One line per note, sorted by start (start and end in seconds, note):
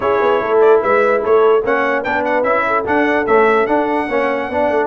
0.00 0.19 C#4
0.00 1.60 E4
0.00 0.41 G#4
0.00 0.59 C#5
0.21 0.40 B3
0.40 0.81 A3
0.40 0.81 A4
0.60 0.81 D5
0.81 1.24 G#3
0.81 1.21 B4
0.81 1.23 E5
1.21 1.63 A3
1.21 1.62 A4
1.21 1.65 C#5
1.63 2.04 A#3
1.63 2.04 C#4
1.63 2.02 C#5
1.63 2.03 F#5
2.02 2.43 B3
2.02 2.43 D4
2.02 2.63 B4
2.02 2.24 G5
2.24 2.43 F#5
2.43 2.83 C#4
2.43 2.84 E4
2.43 2.84 E5
2.66 4.07 A4
2.84 3.25 D4
2.84 3.27 D4
2.84 3.26 F#5
3.26 3.66 A3
3.26 3.68 C#4
3.26 3.66 E5
3.66 4.07 D4
3.66 4.08 D4
3.66 4.87 F#5
4.07 4.49 A#3
4.07 4.51 C#4
4.07 4.48 C#5
4.49 4.69 B3
4.49 4.87 D4
4.49 4.87 D5
4.69 4.87 A3